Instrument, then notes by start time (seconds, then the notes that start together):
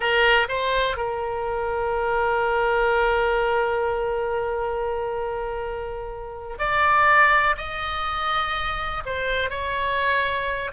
oboe
0.00 A#4
0.48 C5
0.96 A#4
6.58 D5
7.57 D#5
9.05 C5
9.49 C#5